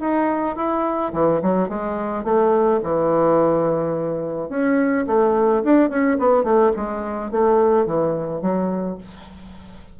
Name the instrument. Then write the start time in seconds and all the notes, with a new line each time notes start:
bassoon
0.00 D#4
0.56 E4
1.13 E3
1.42 F#3
1.68 G#3
2.24 A3
2.83 E3
4.49 C#4
5.07 A3
5.64 D4
5.89 C#4
6.19 B3
6.44 A3
6.76 G#3
7.31 A3
7.86 E3
8.41 F#3